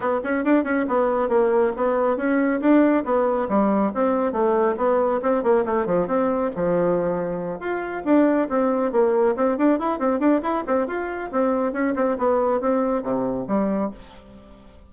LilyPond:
\new Staff \with { instrumentName = "bassoon" } { \time 4/4 \tempo 4 = 138 b8 cis'8 d'8 cis'8 b4 ais4 | b4 cis'4 d'4 b4 | g4 c'4 a4 b4 | c'8 ais8 a8 f8 c'4 f4~ |
f4. f'4 d'4 c'8~ | c'8 ais4 c'8 d'8 e'8 c'8 d'8 | e'8 c'8 f'4 c'4 cis'8 c'8 | b4 c'4 c4 g4 | }